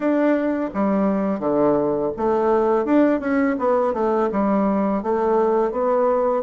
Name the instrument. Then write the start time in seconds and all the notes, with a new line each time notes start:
bassoon
0.00 D4
0.73 G3
1.39 D3
2.16 A3
2.85 D4
3.20 C#4
3.58 B3
3.93 A3
4.31 G3
5.02 A3
5.71 B3